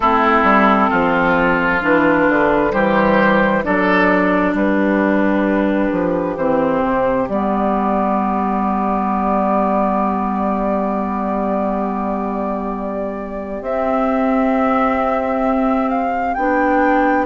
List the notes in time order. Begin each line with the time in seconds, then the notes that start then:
0.00 A3 C4 E4 A4
0.43 G3
0.90 F3 F4
1.81 E3 D4 B4
2.28 D3
2.71 E3 G3 G4 C5
3.63 F#3 D4 A4 D5
4.54 G3 G4 B4
5.91 F3
6.36 E3 C4 C5
6.81 C3
7.28 G3 B3 D5
13.61 C4 E5
15.89 F5
16.34 B3 D4 G5